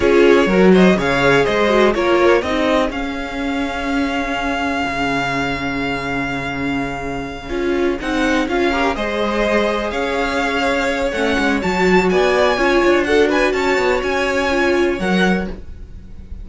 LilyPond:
<<
  \new Staff \with { instrumentName = "violin" } { \time 4/4 \tempo 4 = 124 cis''4. dis''8 f''4 dis''4 | cis''4 dis''4 f''2~ | f''1~ | f''1~ |
f''8 fis''4 f''4 dis''4.~ | dis''8 f''2~ f''8 fis''4 | a''4 gis''2 fis''8 gis''8 | a''4 gis''2 fis''4 | }
  \new Staff \with { instrumentName = "violin" } { \time 4/4 gis'4 ais'8 c''8 cis''4 c''4 | ais'4 gis'2.~ | gis'1~ | gis'1~ |
gis'2 ais'8 c''4.~ | c''8 cis''2.~ cis''8~ | cis''4 d''4 cis''4 a'8 b'8 | cis''1 | }
  \new Staff \with { instrumentName = "viola" } { \time 4/4 f'4 fis'4 gis'4. fis'8 | f'4 dis'4 cis'2~ | cis'1~ | cis'2.~ cis'8 f'8~ |
f'8 dis'4 f'8 g'8 gis'4.~ | gis'2. cis'4 | fis'2 f'4 fis'4~ | fis'2 f'4 ais'4 | }
  \new Staff \with { instrumentName = "cello" } { \time 4/4 cis'4 fis4 cis4 gis4 | ais4 c'4 cis'2~ | cis'2 cis2~ | cis2.~ cis8 cis'8~ |
cis'8 c'4 cis'4 gis4.~ | gis8 cis'2~ cis'8 a8 gis8 | fis4 b4 cis'8 d'4. | cis'8 b8 cis'2 fis4 | }
>>